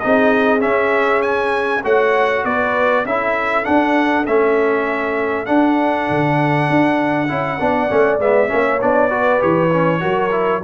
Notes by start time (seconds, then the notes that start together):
0.00 C4 D#4 G#4 D#5
0.60 C#4 E5
1.22 G#5
1.83 A3 F#4 C#5 F#5
2.45 B3 B4 D5
3.05 C#4 E4 A4 E5
3.65 D4 F#5
4.26 A3 C#4 E5
5.46 D4 F#5
6.10 D3
6.70 D4
7.28 C#4 E4
7.60 B3 D4 D5
7.89 A3 C#4
8.20 G#3 B3 E5
8.48 A#3 C#4 C#5
8.81 B3 D4 D5
9.10 F#4 B4
9.39 E3 G4 C#5
9.73 C#4
10.00 F#3 F#4 A#4
10.31 E4